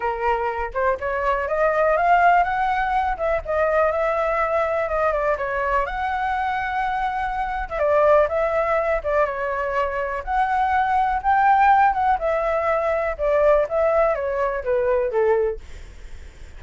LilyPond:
\new Staff \with { instrumentName = "flute" } { \time 4/4 \tempo 4 = 123 ais'4. c''8 cis''4 dis''4 | f''4 fis''4. e''8 dis''4 | e''2 dis''8 d''8 cis''4 | fis''2.~ fis''8. e''16 |
d''4 e''4. d''8 cis''4~ | cis''4 fis''2 g''4~ | g''8 fis''8 e''2 d''4 | e''4 cis''4 b'4 a'4 | }